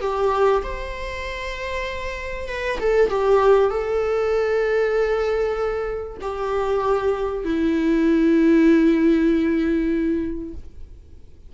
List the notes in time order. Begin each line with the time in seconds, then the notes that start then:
0.00 G4
0.62 C5
2.48 B4
2.79 A4
3.10 G4
3.70 A4
6.21 G4
7.45 E4